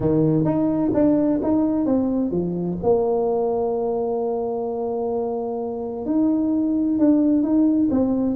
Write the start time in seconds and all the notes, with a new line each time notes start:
0.00 D#3
0.44 D#4
0.94 D4
1.42 D#4
1.85 C4
2.31 F3
2.82 A#3
6.05 D#4
6.98 D4
7.42 D#4
7.90 C4